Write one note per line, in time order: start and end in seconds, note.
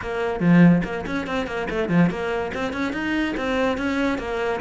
0.01 0.40 A#3
0.40 0.82 F3
0.84 1.05 A#3
1.06 1.26 C#4
1.26 1.46 C4
1.46 1.67 A#3
1.70 1.89 A3
1.89 2.09 F3
2.09 2.51 A#3
2.54 2.72 C4
2.72 2.93 C#4
2.93 3.35 D#4
3.36 3.77 C4
3.77 4.18 C#4
4.18 4.60 A#3